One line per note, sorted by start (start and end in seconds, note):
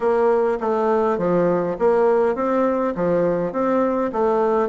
0.00 0.58 A#3
0.60 1.18 A3
1.18 1.76 F3
1.79 2.35 A#3
2.35 2.94 C4
2.95 3.52 F3
3.52 4.11 C4
4.12 4.68 A3